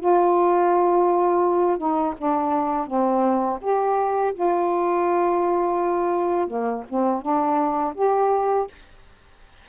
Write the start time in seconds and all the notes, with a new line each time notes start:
0.00 F4
1.78 D#4
2.18 D4
2.87 C4
3.62 G4
4.34 F4
6.48 A#3
6.89 C4
7.22 D4
7.96 G4